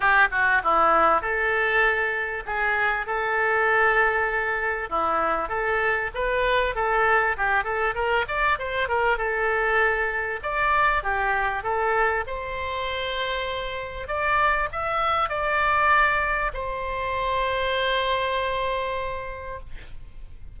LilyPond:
\new Staff \with { instrumentName = "oboe" } { \time 4/4 \tempo 4 = 98 g'8 fis'8 e'4 a'2 | gis'4 a'2. | e'4 a'4 b'4 a'4 | g'8 a'8 ais'8 d''8 c''8 ais'8 a'4~ |
a'4 d''4 g'4 a'4 | c''2. d''4 | e''4 d''2 c''4~ | c''1 | }